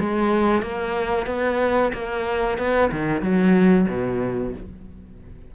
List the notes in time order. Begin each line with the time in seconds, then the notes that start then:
0.00 G#3
0.62 A#3
1.27 B3
1.93 A#3
2.58 B3
2.92 D#3
3.22 F#3
3.89 B2